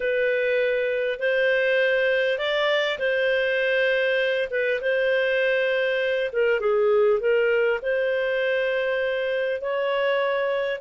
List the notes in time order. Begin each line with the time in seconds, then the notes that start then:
0.00 B4
1.19 C5
2.38 D5
2.98 C5
4.50 B4
4.81 C5
6.32 A#4
6.59 G#4
7.19 A#4
7.82 C5
9.61 C#5